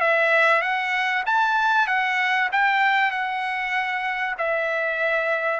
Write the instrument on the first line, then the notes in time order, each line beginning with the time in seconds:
trumpet
0.00 E5
0.61 F#5
1.25 A5
1.87 F#5
2.51 G5
3.11 F#5
4.38 E5